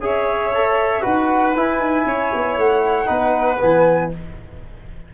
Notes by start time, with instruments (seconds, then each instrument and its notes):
0.00 tuba C#4, trombone G#4, violin C#5, flute E5
0.54 trombone A4
1.01 tuba D#4, trombone F#4, violin B4, flute F#5
1.56 tuba E4, trombone E4, flute G#5
1.79 tuba D#4
2.06 tuba C#4, violin C#5
2.34 tuba B3
2.57 tuba A3, flute F#5
3.06 tuba B3, trombone D#4, violin B4
3.60 tuba E3, trombone B3, flute G#5